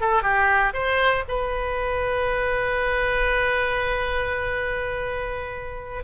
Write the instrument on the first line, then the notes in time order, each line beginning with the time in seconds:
oboe
0.00 A4
0.22 G4
0.73 C5
1.28 B4